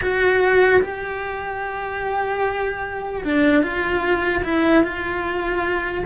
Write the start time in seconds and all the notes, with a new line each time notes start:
0.01 F#4
0.82 G4
3.24 D4
3.62 F4
4.44 E4
4.83 F4